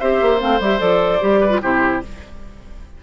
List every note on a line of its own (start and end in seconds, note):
0.00 0.22 C4
0.00 0.39 G4
0.00 1.41 C5
0.00 0.41 E5
0.22 0.42 A#3
0.39 0.60 A3
0.39 0.59 C4
0.39 0.61 F5
0.60 0.80 G3
0.60 0.79 G4
0.60 0.80 E5
0.79 1.21 F3
0.79 1.20 A4
0.79 1.61 D5
1.21 1.62 G3
1.21 1.50 G4
1.41 1.61 B4
1.50 1.60 F4
1.62 2.03 C3
1.62 2.03 E4
1.62 2.03 G4
1.62 2.04 C5